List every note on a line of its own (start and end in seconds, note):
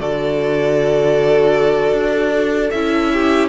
0.00 1.92 D3
0.00 2.73 F#4
0.00 3.12 A4
0.00 2.71 D5
1.92 2.70 D4
2.71 3.49 C#4
2.71 3.49 E4
2.71 3.49 E5
3.12 3.49 G4